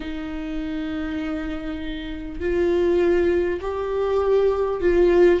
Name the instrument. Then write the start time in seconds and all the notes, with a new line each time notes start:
viola
0.00 D#4
2.40 F4
3.60 G4
4.80 F4